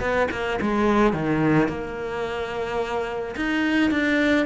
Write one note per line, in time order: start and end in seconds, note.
0.00 0.28 B3
0.31 0.59 A#3
0.61 1.13 G#3
1.13 1.68 D#3
1.68 3.35 A#3
3.36 3.91 D#4
3.91 4.46 D4